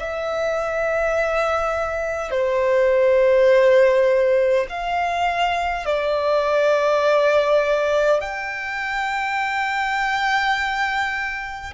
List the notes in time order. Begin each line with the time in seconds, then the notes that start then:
0.00 E5
2.31 C5
4.70 F5
5.86 D5
8.21 G5